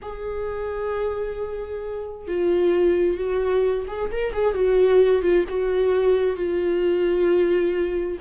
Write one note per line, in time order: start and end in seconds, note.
0.02 2.27 G#4
2.27 3.17 F4
3.17 3.85 F#4
3.87 4.10 G#4
4.11 4.33 A#4
4.33 4.54 G#4
4.54 5.22 F#4
5.22 5.44 F4
5.49 6.36 F#4
6.36 8.17 F4